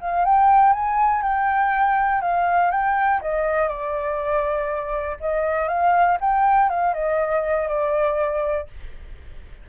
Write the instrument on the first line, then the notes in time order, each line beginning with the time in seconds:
flute
0.00 F5
0.24 G5
0.72 G#5
1.22 G5
2.21 F5
2.70 G5
3.21 D#5
3.68 D5
5.20 D#5
5.68 F5
6.20 G5
6.69 F5
6.93 D#5
7.68 D5